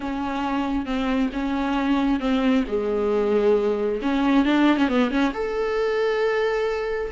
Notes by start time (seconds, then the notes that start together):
0.00 C#4
0.85 C4
1.33 C#4
2.20 C4
2.67 G#3
4.02 C#4
4.45 D4
4.77 C#4
4.88 B3
5.10 C#4
5.33 A4